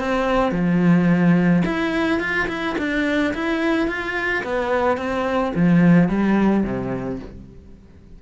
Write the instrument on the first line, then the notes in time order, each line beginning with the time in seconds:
cello
0.00 C4
0.52 F3
1.66 E4
2.20 F4
2.49 E4
2.79 D4
3.34 E4
3.88 F4
4.44 B3
4.98 C4
5.56 F3
6.10 G3
6.64 C3